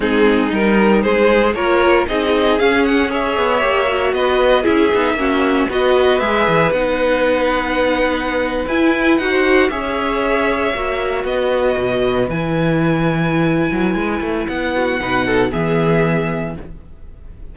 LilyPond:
<<
  \new Staff \with { instrumentName = "violin" } { \time 4/4 \tempo 4 = 116 gis'4 ais'4 c''4 cis''4 | dis''4 f''8 fis''8 e''2 | dis''4 e''2 dis''4 | e''4 fis''2.~ |
fis''8. gis''4 fis''4 e''4~ e''16~ | e''4.~ e''16 dis''2 gis''16~ | gis''1 | fis''2 e''2 | }
  \new Staff \with { instrumentName = "violin" } { \time 4/4 dis'2 gis'4 ais'4 | gis'2 cis''2 | b'4 gis'4 fis'4 b'4~ | b'1~ |
b'2 c''8. cis''4~ cis''16~ | cis''4.~ cis''16 b'2~ b'16~ | b'1~ | b'8 fis'8 b'8 a'8 gis'2 | }
  \new Staff \with { instrumentName = "viola" } { \time 4/4 c'4 dis'2 f'4 | dis'4 cis'4 gis'4 g'8 fis'8~ | fis'4 e'8 dis'8 cis'4 fis'4 | gis'4 dis'2.~ |
dis'8. e'4 fis'4 gis'4~ gis'16~ | gis'8. fis'2. e'16~ | e'1~ | e'4 dis'4 b2 | }
  \new Staff \with { instrumentName = "cello" } { \time 4/4 gis4 g4 gis4 ais4 | c'4 cis'4. b8 ais4 | b4 cis'8 b8 ais4 b4 | gis8 e8 b2.~ |
b8. e'4 dis'4 cis'4~ cis'16~ | cis'8. ais4 b4 b,4 e16~ | e2~ e8 fis8 gis8 a8 | b4 b,4 e2 | }
>>